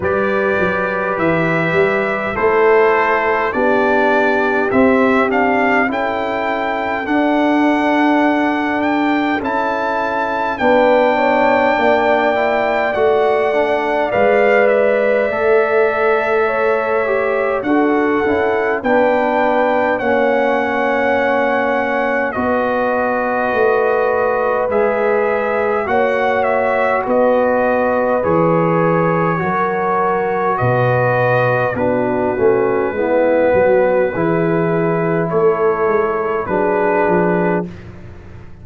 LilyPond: <<
  \new Staff \with { instrumentName = "trumpet" } { \time 4/4 \tempo 4 = 51 d''4 e''4 c''4 d''4 | e''8 f''8 g''4 fis''4. g''8 | a''4 g''2 fis''4 | f''8 e''2~ e''8 fis''4 |
g''4 fis''2 dis''4~ | dis''4 e''4 fis''8 e''8 dis''4 | cis''2 dis''4 b'4~ | b'2 cis''4 b'4 | }
  \new Staff \with { instrumentName = "horn" } { \time 4/4 b'2 a'4 g'4~ | g'4 a'2.~ | a'4 b'8 cis''8 d''2~ | d''2 cis''4 a'4 |
b'4 cis''2 b'4~ | b'2 cis''4 b'4~ | b'4 ais'4 b'4 fis'4 | e'8 fis'8 gis'4 a'4 gis'4 | }
  \new Staff \with { instrumentName = "trombone" } { \time 4/4 g'2 e'4 d'4 | c'8 d'8 e'4 d'2 | e'4 d'4. e'8 fis'8 d'8 | b'4 a'4. g'8 fis'8 e'8 |
d'4 cis'2 fis'4~ | fis'4 gis'4 fis'2 | gis'4 fis'2 d'8 cis'8 | b4 e'2 d'4 | }
  \new Staff \with { instrumentName = "tuba" } { \time 4/4 g8 fis8 e8 g8 a4 b4 | c'4 cis'4 d'2 | cis'4 b4 ais4 a4 | gis4 a2 d'8 cis'8 |
b4 ais2 b4 | a4 gis4 ais4 b4 | e4 fis4 b,4 b8 a8 | gis8 fis8 e4 a8 gis8 fis8 f8 | }
>>